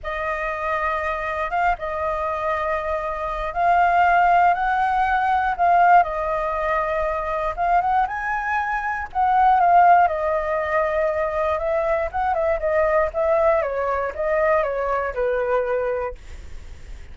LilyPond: \new Staff \with { instrumentName = "flute" } { \time 4/4 \tempo 4 = 119 dis''2. f''8 dis''8~ | dis''2. f''4~ | f''4 fis''2 f''4 | dis''2. f''8 fis''8 |
gis''2 fis''4 f''4 | dis''2. e''4 | fis''8 e''8 dis''4 e''4 cis''4 | dis''4 cis''4 b'2 | }